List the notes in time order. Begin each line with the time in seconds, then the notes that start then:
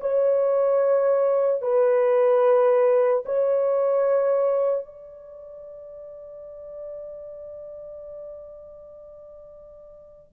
0.00 C#5
1.61 B4
3.25 C#5
4.85 D5